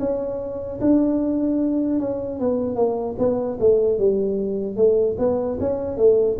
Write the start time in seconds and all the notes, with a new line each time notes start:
0.00 C#4
0.81 D4
2.00 C#4
2.40 B3
2.76 A#3
3.19 B3
3.60 A3
3.99 G3
4.77 A3
5.19 B3
5.60 C#4
5.98 A3